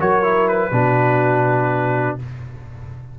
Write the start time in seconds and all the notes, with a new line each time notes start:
0.00 F#3 F#4 A#4 C#5
0.23 E4
0.48 B4
0.72 B2 D4 F#4